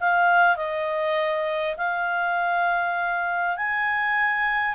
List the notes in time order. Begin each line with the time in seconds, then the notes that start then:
0.00 F5
0.56 D#5
1.77 F5
3.57 G#5